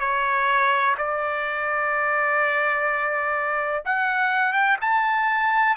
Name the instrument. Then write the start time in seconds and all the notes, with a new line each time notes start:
trumpet
0.00 C#5
0.97 D5
3.85 F#5
4.53 G5
4.81 A5